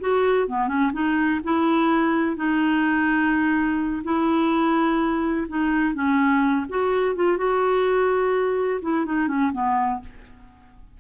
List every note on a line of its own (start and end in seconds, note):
0.00 0.48 F#4
0.48 0.68 B3
0.68 0.91 C#4
0.93 1.41 D#4
1.44 2.36 E4
2.36 4.03 D#4
4.04 5.47 E4
5.48 5.94 D#4
5.94 6.66 C#4
6.69 7.15 F#4
7.15 7.37 F4
7.37 8.80 F#4
8.82 9.05 E4
9.05 9.28 D#4
9.28 9.52 C#4
9.52 10.00 B3